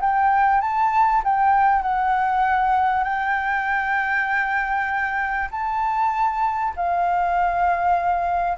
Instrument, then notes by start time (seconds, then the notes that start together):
flute
0.00 G5
0.61 A5
1.24 G5
1.82 F#5
3.04 G5
5.51 A5
6.76 F5